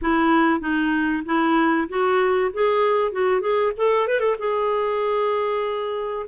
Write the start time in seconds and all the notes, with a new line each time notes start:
0.01 E4
0.60 D#4
1.25 E4
1.88 F#4
2.53 G#4
3.11 F#4
3.41 G#4
3.76 A4
4.07 B4
4.20 A4
4.39 G#4